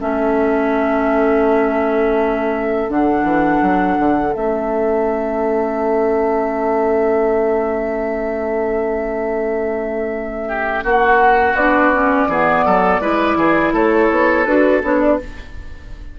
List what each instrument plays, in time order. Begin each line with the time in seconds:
0.00 bassoon A3, clarinet C#4, oboe A4, flute E5
2.89 bassoon D3, clarinet D4, flute F#5
3.24 bassoon E3
3.62 bassoon F#3
3.99 bassoon D3
4.33 bassoon A3, clarinet C#4, flute E5
10.48 oboe G4
10.84 bassoon A#3, oboe F#4, flute F#5
11.54 bassoon B3, clarinet D4, flute D5
11.94 clarinet C#4
12.28 bassoon E3, clarinet B3, oboe G#4
12.66 bassoon F#3, oboe A4
13.00 bassoon G#3, clarinet E4, oboe B4
13.37 bassoon E3, oboe G#4
13.73 bassoon A3, oboe A4, flute C#5
14.11 bassoon B3
14.45 bassoon D4, clarinet F#4, flute B4
14.83 bassoon B3, clarinet D4, flute C#5
15.01 flute D5